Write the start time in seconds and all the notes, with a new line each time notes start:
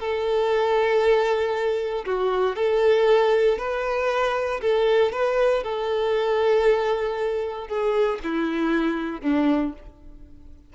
0.00 A4
2.05 F#4
2.55 A4
3.58 B4
4.61 A4
5.12 B4
5.63 A4
7.68 G#4
8.23 E4
9.21 D4